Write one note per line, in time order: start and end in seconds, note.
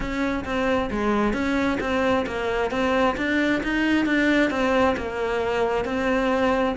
0.00 0.44 C#4
0.44 0.90 C4
0.90 1.33 G#3
1.33 1.78 C#4
1.80 2.25 C4
2.26 2.70 A#3
2.70 3.15 C4
3.17 3.62 D4
3.63 4.05 D#4
4.05 4.50 D4
4.50 4.95 C4
4.96 5.84 A#3
5.84 6.75 C4